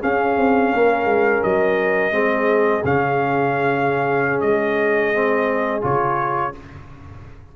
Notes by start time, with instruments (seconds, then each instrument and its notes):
0.00 trombone C#4, tuba C#4, horn G#4, trumpet F5
0.38 tuba C4
0.73 tuba A#3, horn A#4
1.05 tuba G#3
1.44 tuba F#3, trumpet D#5
2.12 tuba G#3, trombone C4, horn G#4
2.85 tuba C#3, trombone C#4, trumpet F5
4.41 tuba G#3, trumpet D#5
5.14 trombone C4
5.82 tuba C#3, trombone F4, trumpet C#5